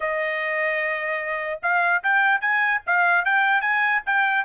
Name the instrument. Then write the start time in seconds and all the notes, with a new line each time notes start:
trumpet
0.00 D#5
1.62 F5
2.03 G5
2.41 G#5
2.86 F5
3.24 G5
3.61 G#5
4.06 G5